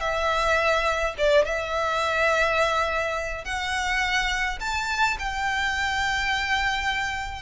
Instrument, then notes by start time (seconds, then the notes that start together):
violin
0.00 E5
1.17 D5
1.45 E5
3.44 F#5
4.60 A5
5.18 G5